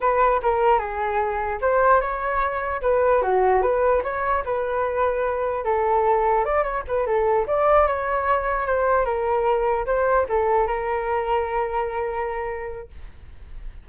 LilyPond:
\new Staff \with { instrumentName = "flute" } { \time 4/4 \tempo 4 = 149 b'4 ais'4 gis'2 | c''4 cis''2 b'4 | fis'4 b'4 cis''4 b'4~ | b'2 a'2 |
d''8 cis''8 b'8 a'4 d''4 cis''8~ | cis''4. c''4 ais'4.~ | ais'8 c''4 a'4 ais'4.~ | ais'1 | }